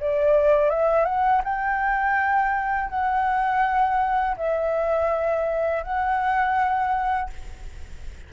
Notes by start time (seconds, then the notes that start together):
0.00 D5
0.70 E5
1.05 F#5
1.44 G5
2.89 F#5
4.37 E5
5.83 F#5